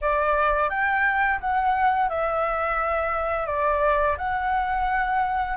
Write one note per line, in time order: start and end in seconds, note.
0.01 0.69 D5
0.69 1.39 G5
1.40 2.09 F#5
2.09 3.46 E5
3.46 4.16 D5
4.17 5.57 F#5